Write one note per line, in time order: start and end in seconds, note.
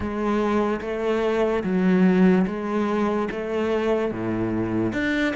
0.00 0.80 G#3
0.81 1.63 A3
1.63 2.45 F#3
2.46 3.28 G#3
3.31 4.11 A3
4.11 4.92 A2
4.92 5.33 D4